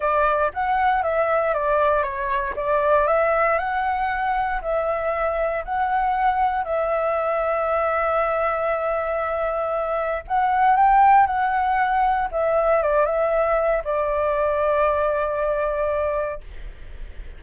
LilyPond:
\new Staff \with { instrumentName = "flute" } { \time 4/4 \tempo 4 = 117 d''4 fis''4 e''4 d''4 | cis''4 d''4 e''4 fis''4~ | fis''4 e''2 fis''4~ | fis''4 e''2.~ |
e''1 | fis''4 g''4 fis''2 | e''4 d''8 e''4. d''4~ | d''1 | }